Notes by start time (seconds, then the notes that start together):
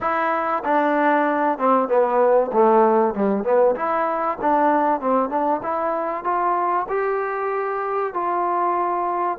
0.00 E4
0.64 D4
1.58 C4
1.88 B3
2.52 A3
3.14 G3
3.44 B3
3.75 E4
4.41 D4
5.00 C4
5.29 D4
5.62 E4
6.24 F4
6.88 G4
8.13 F4